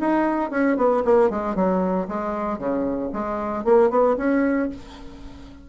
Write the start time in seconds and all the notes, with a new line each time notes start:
0.00 D#4
0.51 C#4
0.77 B3
1.05 A#3
1.30 G#3
1.55 F#3
2.08 G#3
2.58 C#3
3.13 G#3
3.65 A#3
3.90 B3
4.17 C#4